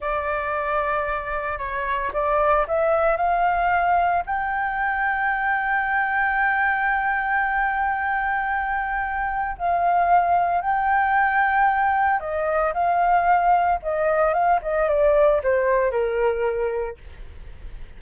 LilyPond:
\new Staff \with { instrumentName = "flute" } { \time 4/4 \tempo 4 = 113 d''2. cis''4 | d''4 e''4 f''2 | g''1~ | g''1~ |
g''2 f''2 | g''2. dis''4 | f''2 dis''4 f''8 dis''8 | d''4 c''4 ais'2 | }